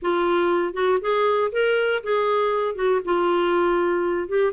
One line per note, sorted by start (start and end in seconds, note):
0.02 0.73 F4
0.73 0.99 F#4
1.01 1.51 G#4
1.52 2.02 A#4
2.03 2.75 G#4
2.75 3.00 F#4
3.04 4.28 F4
4.28 4.52 G4